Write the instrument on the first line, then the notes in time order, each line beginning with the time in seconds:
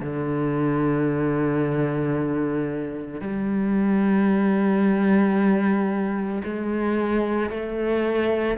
cello
0.00 D3
3.20 G3
6.44 G#3
7.50 A3